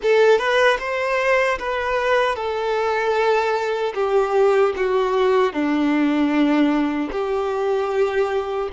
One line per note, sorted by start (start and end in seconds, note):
0.02 0.38 A4
0.38 0.77 B4
0.79 1.58 C5
1.58 2.35 B4
2.35 3.93 A4
3.94 4.73 G4
4.76 5.52 F#4
5.52 7.10 D4
7.11 8.69 G4